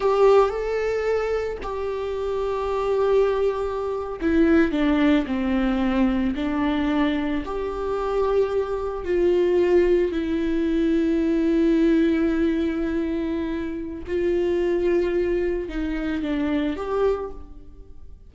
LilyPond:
\new Staff \with { instrumentName = "viola" } { \time 4/4 \tempo 4 = 111 g'4 a'2 g'4~ | g'2.~ g'8. e'16~ | e'8. d'4 c'2 d'16~ | d'4.~ d'16 g'2~ g'16~ |
g'8. f'2 e'4~ e'16~ | e'1~ | e'2 f'2~ | f'4 dis'4 d'4 g'4 | }